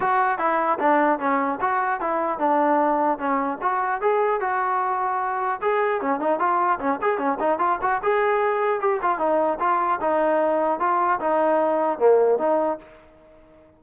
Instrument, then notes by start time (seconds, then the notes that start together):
trombone
0.00 F#4
0.38 E4
0.79 D4
1.19 C#4
1.60 F#4
2.00 E4
2.38 D4
3.18 C#4
3.61 F#4
4.01 G#4
4.40 F#4
5.61 G#4
6.01 C#4
6.19 D#4
6.39 F4
6.79 C#4
7.01 G#4
7.18 C#4
7.39 D#4
7.59 F4
7.81 F#4
8.02 G#4
8.80 G4
9.02 F4
9.18 D#4
9.59 F4
10.00 D#4
10.79 F4
11.19 D#4
11.99 A#3
12.38 D#4